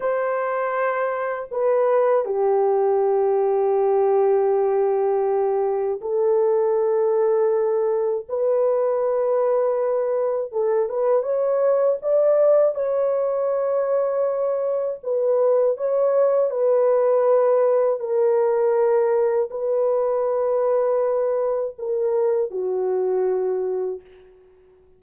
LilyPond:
\new Staff \with { instrumentName = "horn" } { \time 4/4 \tempo 4 = 80 c''2 b'4 g'4~ | g'1 | a'2. b'4~ | b'2 a'8 b'8 cis''4 |
d''4 cis''2. | b'4 cis''4 b'2 | ais'2 b'2~ | b'4 ais'4 fis'2 | }